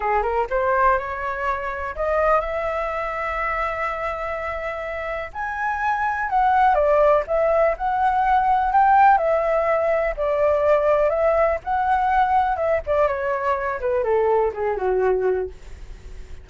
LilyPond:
\new Staff \with { instrumentName = "flute" } { \time 4/4 \tempo 4 = 124 gis'8 ais'8 c''4 cis''2 | dis''4 e''2.~ | e''2. gis''4~ | gis''4 fis''4 d''4 e''4 |
fis''2 g''4 e''4~ | e''4 d''2 e''4 | fis''2 e''8 d''8 cis''4~ | cis''8 b'8 a'4 gis'8 fis'4. | }